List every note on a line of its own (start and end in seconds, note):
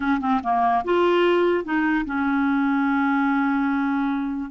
0.00 0.20 C#4
0.20 0.40 C4
0.43 0.83 A#3
0.84 1.64 F4
1.64 2.05 D#4
2.05 4.50 C#4